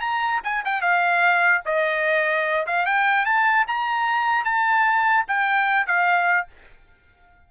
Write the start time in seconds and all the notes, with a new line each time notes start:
0.00 A#5
0.43 G#5
0.65 G5
0.81 F5
1.65 D#5
2.66 F5
2.86 G5
3.25 A5
3.67 A#5
4.44 A5
5.27 G5
5.86 F5